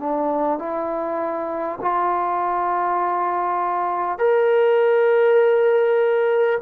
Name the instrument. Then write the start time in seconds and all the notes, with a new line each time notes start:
trombone
0.00 D4
0.59 E4
1.81 F4
4.18 A#4